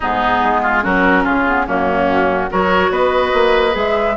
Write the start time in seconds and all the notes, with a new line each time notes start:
0.00 G#2 B3 D#4 G#4
0.43 G#3
0.62 F4
0.81 F#3 C#4 F#4 A#4
1.23 C#3 F4 G#4
1.47 B3
1.66 F#2 A#3 C#4 F#4
2.49 F#3 F#4 A#4 C#5
2.90 B3 B4 D#5
3.33 A#3
3.71 G#3 G#4 E5